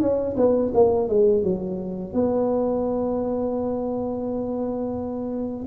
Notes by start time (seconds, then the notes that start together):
0.00 C#4
0.36 B3
0.74 A#3
1.08 G#3
1.43 F#3
2.13 B3